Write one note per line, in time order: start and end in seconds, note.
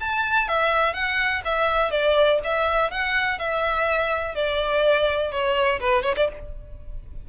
0.00 0.48 A5
0.48 0.94 E5
0.94 1.42 F#5
1.45 1.91 E5
1.91 2.39 D5
2.44 2.91 E5
2.91 3.39 F#5
3.39 4.35 E5
4.35 5.31 D5
5.31 5.80 C#5
5.80 6.03 B4
6.03 6.15 C#5
6.17 6.29 D5